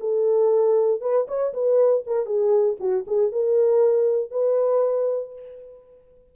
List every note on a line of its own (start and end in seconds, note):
0.00 1.01 A4
1.01 1.26 B4
1.28 1.53 C#5
1.53 2.04 B4
2.06 2.26 A#4
2.26 2.76 G#4
2.80 3.05 F#4
3.07 3.32 G#4
3.32 4.31 A#4
4.31 5.33 B4